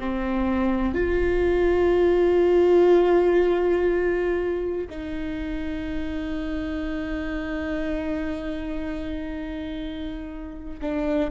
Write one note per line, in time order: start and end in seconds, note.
0.00 0.95 C4
0.95 4.88 F4
4.90 10.81 D#4
10.82 11.31 D4